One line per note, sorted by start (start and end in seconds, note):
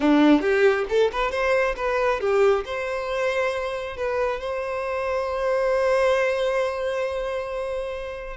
0.00 0.41 D4
0.41 0.85 G4
0.89 1.11 A4
1.12 1.31 B4
1.31 1.75 C5
1.76 2.20 B4
2.20 2.64 G4
2.65 3.96 C5
3.96 4.40 B4
4.40 8.36 C5